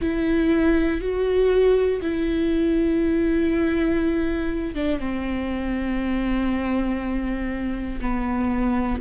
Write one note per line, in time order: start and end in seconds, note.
0.01 1.00 E4
1.00 2.00 F#4
2.01 4.75 E4
4.75 4.99 D4
4.99 7.99 C4
8.00 9.00 B3